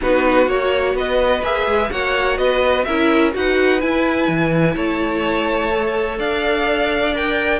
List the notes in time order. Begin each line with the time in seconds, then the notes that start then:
0.01 B3 D#4 F#4 B4
0.46 A#3 F#4 C#5
0.94 B3 B4 D#5
1.43 A#3 G#4 E5
1.66 G#3
1.90 A#3 F#4 C#5 F#5
2.37 B3 B4 D#5
2.84 C#4 E4 A#4 E5
3.31 D#4 F#4 B4 F#5
3.80 E4 G#5
4.28 E3
4.75 A3 C#5 A5
5.71 A4
6.18 D4 D5 F5
7.15 A#4 G5